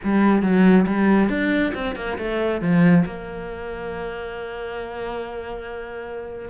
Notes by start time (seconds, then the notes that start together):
0.03 G3
0.42 F#3
0.86 G3
1.29 D4
1.74 C4
1.95 A#3
2.18 A3
2.61 F3
3.05 A#3